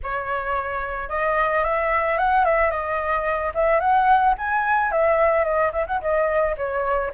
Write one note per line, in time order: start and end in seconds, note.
0.03 1.09 C#5
1.09 1.64 D#5
1.64 2.17 E5
2.17 2.44 F#5
2.44 2.70 E5
2.70 3.52 D#5
3.54 3.80 E5
3.80 4.34 F#5
4.38 4.91 G#5
4.91 5.44 E5
5.44 5.71 D#5
5.72 5.86 E5
5.86 6.00 F#5
6.00 6.55 D#5
6.57 7.11 C#5